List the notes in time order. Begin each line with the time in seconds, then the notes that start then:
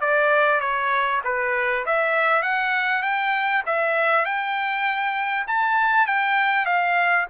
0.00 D5
0.60 C#5
1.24 B4
1.85 E5
2.42 F#5
3.02 G5
3.66 E5
4.25 G5
5.47 A5
6.06 G5
6.65 F5